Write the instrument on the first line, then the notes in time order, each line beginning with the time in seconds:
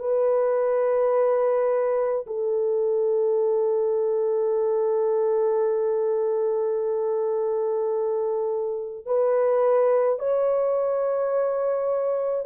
horn
0.00 B4
2.27 A4
9.06 B4
10.19 C#5